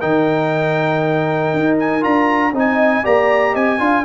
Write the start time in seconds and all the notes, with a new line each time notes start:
0.00 D#3 D#4 A#4 G5
1.54 D#4
1.79 G#5
2.01 D4 F4 A#5
2.52 C4 D#4 D#5
2.58 G#5
3.03 A#3 G4 D5 A#5
3.53 C4 D#5 G#5
3.79 D4 F4 F5